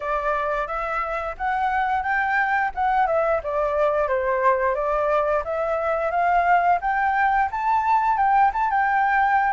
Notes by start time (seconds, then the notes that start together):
0.00 D5
0.67 E5
1.37 F#5
2.03 G5
2.75 F#5
3.07 E5
3.43 D5
4.08 C5
4.74 D5
5.44 E5
6.11 F5
6.81 G5
7.51 A5
8.17 G5
8.53 A5
8.70 G5